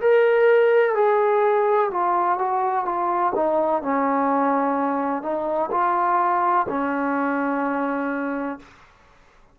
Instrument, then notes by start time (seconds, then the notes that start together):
trombone
0.00 A#4
0.94 G#4
1.90 F4
2.38 F#4
2.84 F4
3.35 D#4
3.82 C#4
5.22 D#4
5.71 F4
6.68 C#4